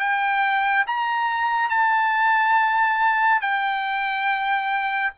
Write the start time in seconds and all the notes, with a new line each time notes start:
0.00 G5
0.87 A#5
1.70 A5
3.42 G5